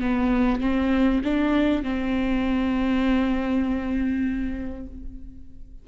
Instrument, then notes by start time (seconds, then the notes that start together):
viola
0.00 B3
0.60 C4
1.24 D4
1.83 C4